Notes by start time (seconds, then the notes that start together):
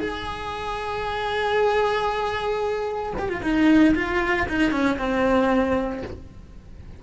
0.00 G#4
3.18 G4
3.29 F4
3.42 D#4
3.95 F4
4.48 D#4
4.71 C#4
4.98 C4